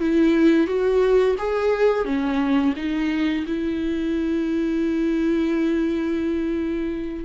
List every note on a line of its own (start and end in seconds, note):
0.00 0.67 E4
0.67 1.36 F#4
1.39 2.05 G#4
2.05 2.74 C#4
2.77 3.46 D#4
3.47 7.25 E4